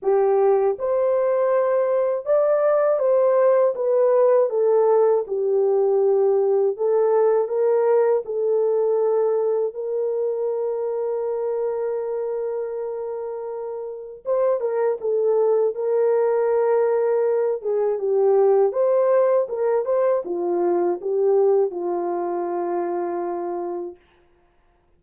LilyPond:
\new Staff \with { instrumentName = "horn" } { \time 4/4 \tempo 4 = 80 g'4 c''2 d''4 | c''4 b'4 a'4 g'4~ | g'4 a'4 ais'4 a'4~ | a'4 ais'2.~ |
ais'2. c''8 ais'8 | a'4 ais'2~ ais'8 gis'8 | g'4 c''4 ais'8 c''8 f'4 | g'4 f'2. | }